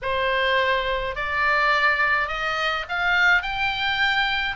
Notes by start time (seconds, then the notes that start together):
0.02 C5
1.15 D5
2.28 D#5
2.89 F5
3.42 G5